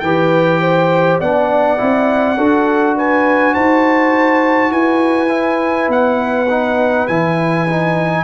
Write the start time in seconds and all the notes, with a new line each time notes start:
0.00 E3 G4 B4 G5
0.61 C5
1.20 B3 D4 D5 F#5
1.77 C4 E4
2.37 D4 F#4 A4
2.97 B4 G#5
3.53 D#4 C5 A5
4.71 E4 B4 G#5
5.29 E4
5.88 B3 F#5
6.50 D#4
7.07 E3 E4 G#5
7.68 D#4